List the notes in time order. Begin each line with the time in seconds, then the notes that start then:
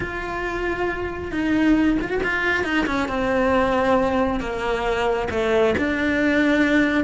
0.00 F4
1.31 D#4
2.01 F4
2.09 F#4
2.23 F4
2.64 D#4
2.86 C#4
3.08 C4
4.40 A#3
5.30 A3
5.78 D4